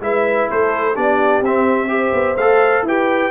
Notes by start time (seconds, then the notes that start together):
0.00 G#3 E4 B4 E5
0.50 A3 A4 C5
0.94 B3 D4 G4 D5
1.41 C4 E5
1.88 G4 C5
2.13 B3
2.37 A3 A4 F5
2.83 E4 G4 B4 G5